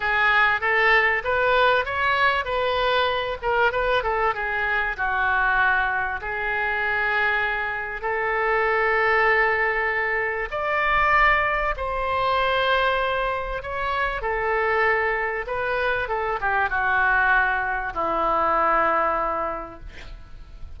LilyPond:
\new Staff \with { instrumentName = "oboe" } { \time 4/4 \tempo 4 = 97 gis'4 a'4 b'4 cis''4 | b'4. ais'8 b'8 a'8 gis'4 | fis'2 gis'2~ | gis'4 a'2.~ |
a'4 d''2 c''4~ | c''2 cis''4 a'4~ | a'4 b'4 a'8 g'8 fis'4~ | fis'4 e'2. | }